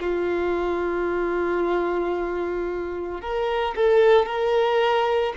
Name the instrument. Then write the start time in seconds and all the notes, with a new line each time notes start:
violin
0.00 F4
3.21 A#4
3.75 A4
4.26 A#4